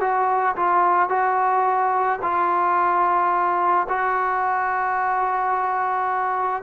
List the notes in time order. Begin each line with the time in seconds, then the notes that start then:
0.00 F#4
0.56 F4
1.09 F#4
2.22 F4
3.88 F#4